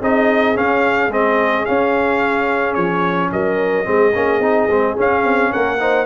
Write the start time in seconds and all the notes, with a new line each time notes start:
0.00 C4 D#4 G#4 D#5
0.55 C#4 F5
1.08 G#3 C4 D#5
1.65 C#4 F5
2.74 F3 C#5
3.32 F#3 A#4 D#5
3.84 G#3 C4 G#4
4.14 A#3 C#4
4.40 C4 D#4
4.68 G#3 C4
4.96 C#4 F5
5.24 C4
5.51 A#3 A#4 F#5
5.79 D#4 C5